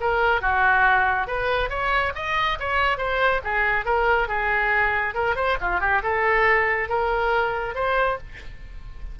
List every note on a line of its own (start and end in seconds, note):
0.00 0.41 A#4
0.41 1.27 F#4
1.27 1.70 B4
1.70 2.13 C#5
2.15 2.58 D#5
2.59 2.97 C#5
2.97 3.41 C5
3.44 3.85 G#4
3.85 4.28 A#4
4.28 5.14 G#4
5.14 5.35 A#4
5.35 5.57 C5
5.61 5.80 F4
5.80 6.02 G4
6.03 6.88 A4
6.88 7.74 A#4
7.74 8.17 C5